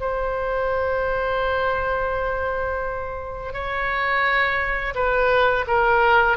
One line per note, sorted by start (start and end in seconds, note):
0.00 3.53 C5
3.53 4.94 C#5
4.95 5.65 B4
5.67 6.37 A#4